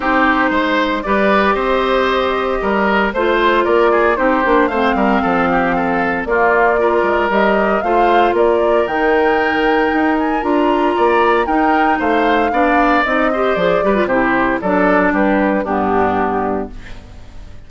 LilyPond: <<
  \new Staff \with { instrumentName = "flute" } { \time 4/4 \tempo 4 = 115 c''2 d''4 dis''4~ | dis''2 c''4 d''4 | c''4 f''2. | d''2 dis''4 f''4 |
d''4 g''2~ g''8 gis''8 | ais''2 g''4 f''4~ | f''4 dis''4 d''4 c''4 | d''4 b'4 g'2 | }
  \new Staff \with { instrumentName = "oboe" } { \time 4/4 g'4 c''4 b'4 c''4~ | c''4 ais'4 c''4 ais'8 gis'8 | g'4 c''8 ais'8 a'8 g'8 a'4 | f'4 ais'2 c''4 |
ais'1~ | ais'4 d''4 ais'4 c''4 | d''4. c''4 b'8 g'4 | a'4 g'4 d'2 | }
  \new Staff \with { instrumentName = "clarinet" } { \time 4/4 dis'2 g'2~ | g'2 f'2 | dis'8 d'8 c'2. | ais4 f'4 g'4 f'4~ |
f'4 dis'2. | f'2 dis'2 | d'4 dis'8 g'8 gis'8 g'16 f'16 e'4 | d'2 b2 | }
  \new Staff \with { instrumentName = "bassoon" } { \time 4/4 c'4 gis4 g4 c'4~ | c'4 g4 a4 ais4 | c'8 ais8 a8 g8 f2 | ais4. gis8 g4 a4 |
ais4 dis2 dis'4 | d'4 ais4 dis'4 a4 | b4 c'4 f8 g8 c4 | fis4 g4 g,2 | }
>>